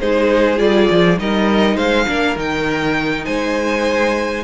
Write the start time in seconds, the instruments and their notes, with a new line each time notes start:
0.00 cello G#3, viola D#4, violin G#4 C5
0.57 cello G3, viola F4, violin D5
0.90 cello F3
1.18 cello G3, viola D#4, violin A#4 D#5
1.76 cello G#3, violin C5 F5
2.07 cello A#3, viola D4, violin A#4
2.36 cello D#3, viola D#4, violin G5
3.25 cello G#3, violin C5 G#5